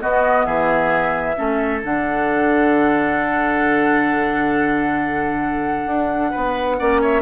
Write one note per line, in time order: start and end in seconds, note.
0.00 1.35 B3
0.00 0.46 B3
0.00 0.46 F#4
0.00 0.46 D#5
0.46 1.36 E3
0.46 1.36 G#4
0.46 1.81 E5
1.36 1.84 A3
1.36 1.81 C#4
1.36 6.31 A4
1.84 5.87 D3
1.84 6.80 D4
1.84 7.03 F#5
5.87 6.32 D4
6.31 6.80 B3
6.31 6.77 B4
6.80 7.22 A#3
6.80 7.22 C#4
6.80 7.02 D5
7.02 7.22 C#5
7.02 7.22 E5